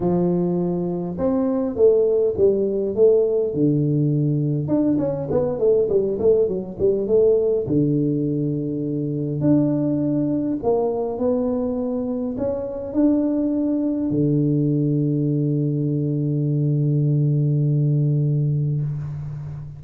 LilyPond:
\new Staff \with { instrumentName = "tuba" } { \time 4/4 \tempo 4 = 102 f2 c'4 a4 | g4 a4 d2 | d'8 cis'8 b8 a8 g8 a8 fis8 g8 | a4 d2. |
d'2 ais4 b4~ | b4 cis'4 d'2 | d1~ | d1 | }